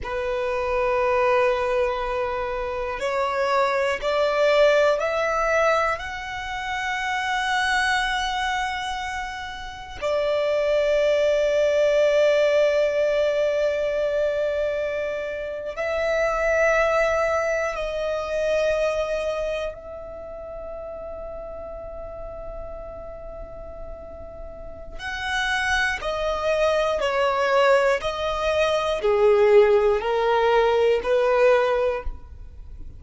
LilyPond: \new Staff \with { instrumentName = "violin" } { \time 4/4 \tempo 4 = 60 b'2. cis''4 | d''4 e''4 fis''2~ | fis''2 d''2~ | d''2.~ d''8. e''16~ |
e''4.~ e''16 dis''2 e''16~ | e''1~ | e''4 fis''4 dis''4 cis''4 | dis''4 gis'4 ais'4 b'4 | }